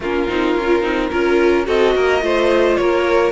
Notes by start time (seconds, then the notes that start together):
0.00 A#3 C#4 F4 A#4
0.27 C4 D#4
0.56 C#4 F4
0.81 C4 D#4
1.10 C#4 F4 A#4
1.65 C4 F#4 A4 D#5
1.95 A#3 A#4
2.21 A3 F4 C5
2.76 A#3 A#4 C#5